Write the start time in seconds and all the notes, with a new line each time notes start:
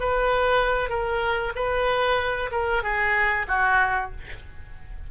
0.00 B4
0.90 A#4
1.56 B4
2.52 A#4
2.83 G#4
3.48 F#4